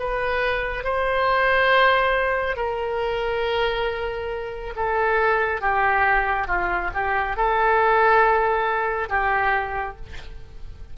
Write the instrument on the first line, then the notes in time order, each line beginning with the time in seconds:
oboe
0.00 B4
0.84 C5
2.57 A#4
4.76 A4
5.61 G4
6.48 F4
6.94 G4
7.37 A4
9.09 G4